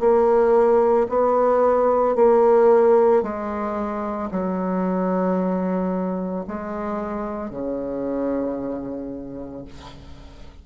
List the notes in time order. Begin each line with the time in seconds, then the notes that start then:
0.00 A#3
1.09 B3
2.16 A#3
3.23 G#3
4.31 F#3
6.48 G#3
7.50 C#3